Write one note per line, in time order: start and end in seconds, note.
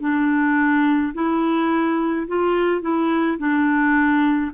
0.00 1.13 D4
1.14 2.27 E4
2.27 2.81 F4
2.81 3.38 E4
3.38 4.51 D4